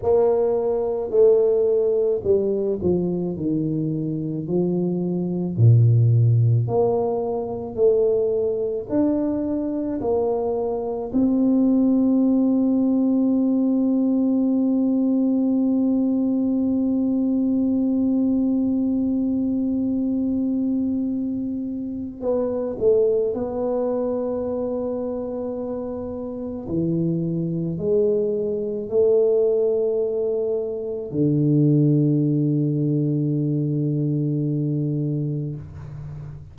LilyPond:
\new Staff \with { instrumentName = "tuba" } { \time 4/4 \tempo 4 = 54 ais4 a4 g8 f8 dis4 | f4 ais,4 ais4 a4 | d'4 ais4 c'2~ | c'1~ |
c'1 | b8 a8 b2. | e4 gis4 a2 | d1 | }